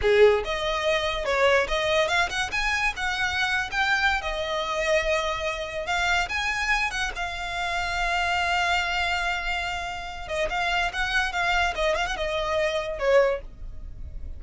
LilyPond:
\new Staff \with { instrumentName = "violin" } { \time 4/4 \tempo 4 = 143 gis'4 dis''2 cis''4 | dis''4 f''8 fis''8 gis''4 fis''4~ | fis''8. g''4~ g''16 dis''2~ | dis''2 f''4 gis''4~ |
gis''8 fis''8 f''2.~ | f''1~ | f''8 dis''8 f''4 fis''4 f''4 | dis''8 f''16 fis''16 dis''2 cis''4 | }